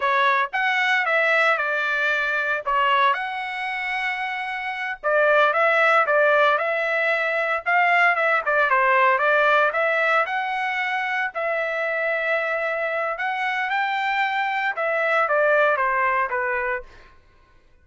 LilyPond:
\new Staff \with { instrumentName = "trumpet" } { \time 4/4 \tempo 4 = 114 cis''4 fis''4 e''4 d''4~ | d''4 cis''4 fis''2~ | fis''4. d''4 e''4 d''8~ | d''8 e''2 f''4 e''8 |
d''8 c''4 d''4 e''4 fis''8~ | fis''4. e''2~ e''8~ | e''4 fis''4 g''2 | e''4 d''4 c''4 b'4 | }